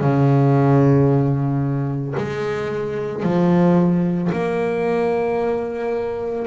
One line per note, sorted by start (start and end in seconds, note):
0.00 2.14 C#3
2.17 3.23 G#3
3.23 4.30 F3
4.32 6.46 A#3